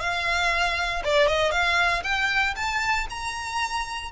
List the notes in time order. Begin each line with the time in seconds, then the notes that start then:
0.00 F5
1.04 D5
1.27 D#5
1.51 F5
2.03 G5
2.56 A5
3.10 A#5